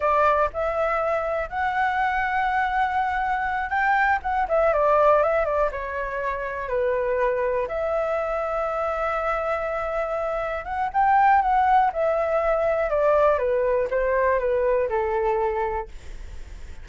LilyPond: \new Staff \with { instrumentName = "flute" } { \time 4/4 \tempo 4 = 121 d''4 e''2 fis''4~ | fis''2.~ fis''8 g''8~ | g''8 fis''8 e''8 d''4 e''8 d''8 cis''8~ | cis''4. b'2 e''8~ |
e''1~ | e''4. fis''8 g''4 fis''4 | e''2 d''4 b'4 | c''4 b'4 a'2 | }